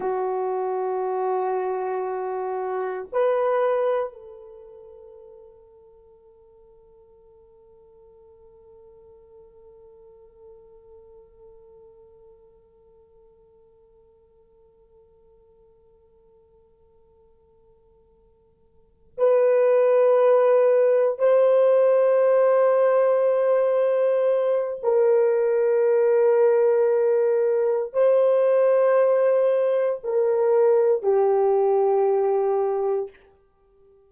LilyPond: \new Staff \with { instrumentName = "horn" } { \time 4/4 \tempo 4 = 58 fis'2. b'4 | a'1~ | a'1~ | a'1~ |
a'2~ a'8 b'4.~ | b'8 c''2.~ c''8 | ais'2. c''4~ | c''4 ais'4 g'2 | }